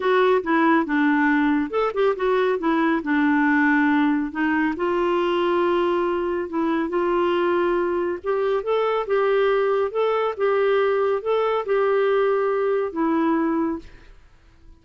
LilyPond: \new Staff \with { instrumentName = "clarinet" } { \time 4/4 \tempo 4 = 139 fis'4 e'4 d'2 | a'8 g'8 fis'4 e'4 d'4~ | d'2 dis'4 f'4~ | f'2. e'4 |
f'2. g'4 | a'4 g'2 a'4 | g'2 a'4 g'4~ | g'2 e'2 | }